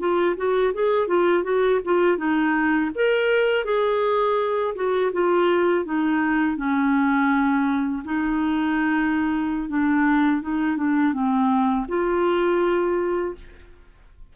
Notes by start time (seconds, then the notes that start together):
0.00 F4
0.37 F#4
0.74 G#4
1.08 F4
1.44 F#4
1.85 F4
2.18 D#4
2.96 A#4
3.65 G#4
4.76 F#4
5.13 F4
5.85 D#4
6.57 C#4
8.05 D#4
9.70 D4
10.42 D#4
10.78 D4
11.14 C4
11.89 F4